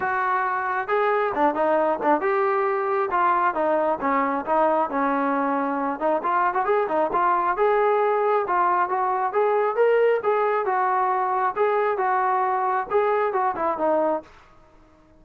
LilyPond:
\new Staff \with { instrumentName = "trombone" } { \time 4/4 \tempo 4 = 135 fis'2 gis'4 d'8 dis'8~ | dis'8 d'8 g'2 f'4 | dis'4 cis'4 dis'4 cis'4~ | cis'4. dis'8 f'8. fis'16 gis'8 dis'8 |
f'4 gis'2 f'4 | fis'4 gis'4 ais'4 gis'4 | fis'2 gis'4 fis'4~ | fis'4 gis'4 fis'8 e'8 dis'4 | }